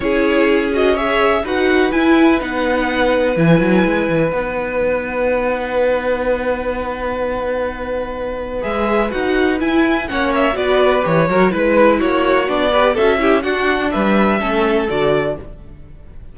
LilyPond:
<<
  \new Staff \with { instrumentName = "violin" } { \time 4/4 \tempo 4 = 125 cis''4. dis''8 e''4 fis''4 | gis''4 fis''2 gis''4~ | gis''4 fis''2.~ | fis''1~ |
fis''2 e''4 fis''4 | gis''4 fis''8 e''8 d''4 cis''4 | b'4 cis''4 d''4 e''4 | fis''4 e''2 d''4 | }
  \new Staff \with { instrumentName = "violin" } { \time 4/4 gis'2 cis''4 b'4~ | b'1~ | b'1~ | b'1~ |
b'1~ | b'4 cis''4 b'4. ais'8 | b'4 fis'4. b'8 a'8 g'8 | fis'4 b'4 a'2 | }
  \new Staff \with { instrumentName = "viola" } { \time 4/4 e'4. fis'8 gis'4 fis'4 | e'4 dis'2 e'4~ | e'4 dis'2.~ | dis'1~ |
dis'2 gis'4 fis'4 | e'4 cis'4 fis'4 g'8 fis'8 | e'2 d'8 g'8 fis'8 e'8 | d'2 cis'4 fis'4 | }
  \new Staff \with { instrumentName = "cello" } { \time 4/4 cis'2. dis'4 | e'4 b2 e8 fis8 | gis8 e8 b2.~ | b1~ |
b2 gis4 dis'4 | e'4 ais4 b4 e8 fis8 | gis4 ais4 b4 cis'4 | d'4 g4 a4 d4 | }
>>